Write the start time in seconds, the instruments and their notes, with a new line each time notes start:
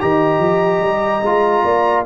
0.00 tuba D#3, trombone G4, horn D#5, trumpet A#5
0.38 tuba F3
0.80 tuba G3
1.23 tuba G#3, trombone F4
1.64 tuba A#3, horn D5